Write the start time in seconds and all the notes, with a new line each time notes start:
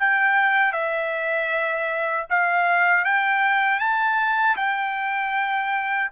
0.00 G5
0.73 E5
2.30 F5
3.05 G5
3.80 A5
4.57 G5